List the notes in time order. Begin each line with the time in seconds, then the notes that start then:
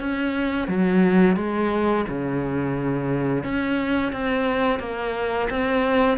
0.00 C#4
0.68 F#3
1.36 G#3
2.09 C#3
3.44 C#4
4.12 C4
4.80 A#3
5.50 C4